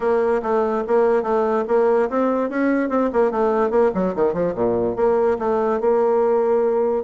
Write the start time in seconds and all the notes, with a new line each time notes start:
0.00 A#3
0.42 A3
0.87 A#3
1.22 A3
1.67 A#3
2.09 C4
2.49 C#4
2.89 C4
3.13 A#3
3.31 A3
3.70 A#3
3.94 F#3
4.15 D#3
4.33 F3
4.54 A#2
4.96 A#3
5.38 A3
5.80 A#3